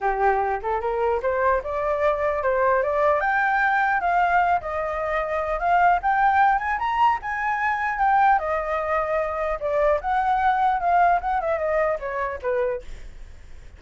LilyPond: \new Staff \with { instrumentName = "flute" } { \time 4/4 \tempo 4 = 150 g'4. a'8 ais'4 c''4 | d''2 c''4 d''4 | g''2 f''4. dis''8~ | dis''2 f''4 g''4~ |
g''8 gis''8 ais''4 gis''2 | g''4 dis''2. | d''4 fis''2 f''4 | fis''8 e''8 dis''4 cis''4 b'4 | }